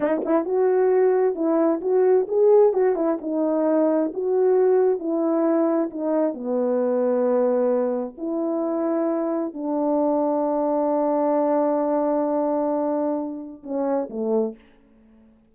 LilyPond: \new Staff \with { instrumentName = "horn" } { \time 4/4 \tempo 4 = 132 dis'8 e'8 fis'2 e'4 | fis'4 gis'4 fis'8 e'8 dis'4~ | dis'4 fis'2 e'4~ | e'4 dis'4 b2~ |
b2 e'2~ | e'4 d'2.~ | d'1~ | d'2 cis'4 a4 | }